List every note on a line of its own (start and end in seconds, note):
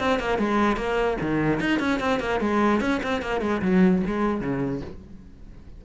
0.00 0.20 C4
0.20 0.39 A#3
0.39 0.77 G#3
0.77 1.18 A#3
1.21 1.61 D#3
1.61 1.80 D#4
1.80 2.00 C#4
2.00 2.20 C4
2.20 2.41 A#3
2.41 2.81 G#3
2.81 3.01 C#4
3.04 3.22 C4
3.22 3.42 A#3
3.42 3.62 G#3
3.62 4.03 F#3
4.07 4.41 G#3
4.41 4.82 C#3